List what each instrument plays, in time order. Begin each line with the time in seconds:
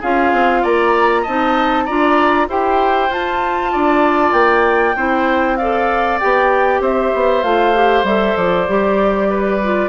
0.00 bassoon C#4, clarinet F4, oboe G#4, flute F5
0.32 bassoon C4
0.62 bassoon A#3, oboe D5, flute A#5
1.22 bassoon C4, clarinet D#4, oboe D#5, flute A5
1.85 bassoon D4, clarinet F4, oboe D5, flute A#5
2.48 bassoon E4, clarinet G4, oboe C5, flute G5
3.09 clarinet F4, bassoon F4, flute A5
3.72 bassoon D4, oboe D5
4.32 bassoon A#3, flute G5
4.96 bassoon C4, clarinet E4, oboe C5
5.57 clarinet A4, oboe D5, flute F5
6.20 bassoon B3, clarinet G4, flute G5
6.80 bassoon C4, oboe C5, flute E5
7.14 bassoon B3
7.43 bassoon A3, clarinet F4, flute F5
7.74 clarinet G4
8.03 bassoon G3, clarinet A4, flute E5
8.37 bassoon F3, flute D5
8.68 bassoon G3, clarinet G4
9.30 oboe B4
9.63 clarinet F4